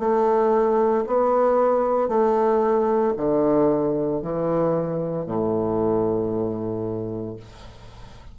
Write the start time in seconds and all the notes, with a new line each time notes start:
0.00 A3
1.08 B3
2.09 A3
3.17 D3
4.22 E3
5.27 A2